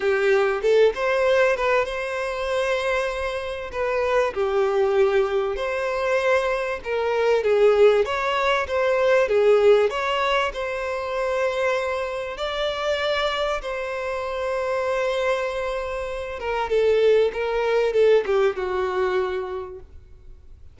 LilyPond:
\new Staff \with { instrumentName = "violin" } { \time 4/4 \tempo 4 = 97 g'4 a'8 c''4 b'8 c''4~ | c''2 b'4 g'4~ | g'4 c''2 ais'4 | gis'4 cis''4 c''4 gis'4 |
cis''4 c''2. | d''2 c''2~ | c''2~ c''8 ais'8 a'4 | ais'4 a'8 g'8 fis'2 | }